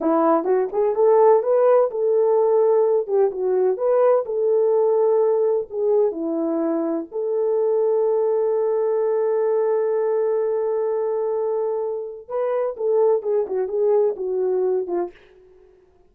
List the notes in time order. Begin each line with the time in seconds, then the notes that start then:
0.00 E4
0.44 F#4
0.72 G#4
0.95 A4
1.42 B4
1.90 A4
3.07 G4
3.31 F#4
3.77 B4
4.25 A4
5.70 G#4
6.11 E4
7.11 A4
12.28 B4
12.76 A4
13.22 G#4
13.46 F#4
13.68 G#4
14.16 F#4
14.87 F4